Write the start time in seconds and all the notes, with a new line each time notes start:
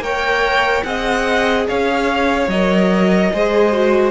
0.00 A#3 A#4 C#5 G5
0.84 C4 G#4 D#5 F#5
1.68 C#4 C#5 F5
2.48 F#3 A#4 D#5
3.33 G#3 G#4 C5
3.73 F#4